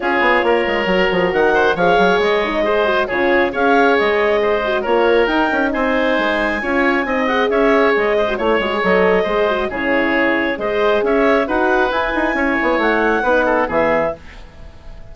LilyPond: <<
  \new Staff \with { instrumentName = "clarinet" } { \time 4/4 \tempo 4 = 136 cis''2. fis''4 | f''4 dis''2 cis''4 | f''4 dis''2 cis''4 | g''4 gis''2.~ |
gis''8 fis''8 e''4 dis''4 cis''4 | dis''2 cis''2 | dis''4 e''4 fis''4 gis''4~ | gis''4 fis''2 e''4 | }
  \new Staff \with { instrumentName = "oboe" } { \time 4/4 gis'4 ais'2~ ais'8 c''8 | cis''2 c''4 gis'4 | cis''2 c''4 ais'4~ | ais'4 c''2 cis''4 |
dis''4 cis''4. c''8 cis''4~ | cis''4 c''4 gis'2 | c''4 cis''4 b'2 | cis''2 b'8 a'8 gis'4 | }
  \new Staff \with { instrumentName = "horn" } { \time 4/4 f'2 fis'2 | gis'4. dis'8 gis'8 fis'8 f'4 | gis'2~ gis'8 fis'8 f'4 | dis'2. f'4 |
dis'8 gis'2~ gis'16 fis'16 e'8 fis'16 gis'16 | a'4 gis'8 fis'8 e'2 | gis'2 fis'4 e'4~ | e'2 dis'4 b4 | }
  \new Staff \with { instrumentName = "bassoon" } { \time 4/4 cis'8 b8 ais8 gis8 fis8 f8 dis4 | f8 fis8 gis2 cis4 | cis'4 gis2 ais4 | dis'8 cis'8 c'4 gis4 cis'4 |
c'4 cis'4 gis4 a8 gis8 | fis4 gis4 cis2 | gis4 cis'4 dis'4 e'8 dis'8 | cis'8 b8 a4 b4 e4 | }
>>